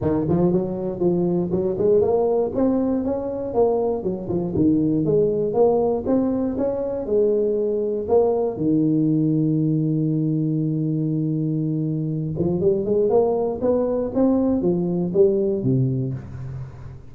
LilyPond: \new Staff \with { instrumentName = "tuba" } { \time 4/4 \tempo 4 = 119 dis8 f8 fis4 f4 fis8 gis8 | ais4 c'4 cis'4 ais4 | fis8 f8 dis4 gis4 ais4 | c'4 cis'4 gis2 |
ais4 dis2.~ | dis1~ | dis8 f8 g8 gis8 ais4 b4 | c'4 f4 g4 c4 | }